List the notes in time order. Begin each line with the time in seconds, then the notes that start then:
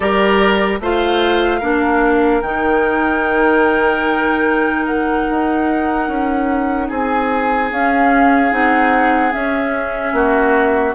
0.00 G3 G4 A#4 D5
0.80 A3 F4 C5 F5
1.60 A#3 D4 A#4
2.41 D#3 D#4 G5
4.86 F#5
5.30 D#4
6.08 C#4
6.89 C4 G#4 G#5
7.71 C#4 F5
8.50 C4 D#4 F#5
9.31 C#4 E5
10.12 A#3 F#4